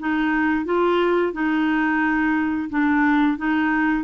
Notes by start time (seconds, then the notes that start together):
0.00 D#4
0.66 F4
1.33 D#4
2.70 D4
3.38 D#4